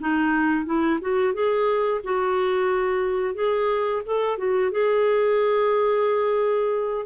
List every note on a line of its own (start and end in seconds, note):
0.00 0.65 D#4
0.65 0.99 E4
1.01 1.33 F#4
1.33 2.01 G#4
2.03 3.34 F#4
3.34 4.02 G#4
4.05 4.38 A4
4.38 4.71 F#4
4.71 7.06 G#4